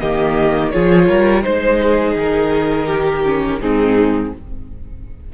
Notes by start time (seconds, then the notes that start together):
0.00 D#3 A#3 G4 D#5
0.71 F3 F4 G#4 C#5
1.08 G3 A#4
1.42 G#3 D#4 C5
1.82 G#4
2.16 D#3 A#4
2.87 G4
3.25 C#4
3.61 G#2 C4 D#4 G#4